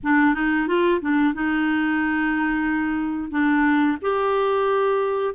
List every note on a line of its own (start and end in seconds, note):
0.03 0.34 D4
0.34 0.67 D#4
0.67 1.01 F4
1.01 1.33 D4
1.33 3.31 D#4
3.31 3.97 D4
4.01 5.35 G4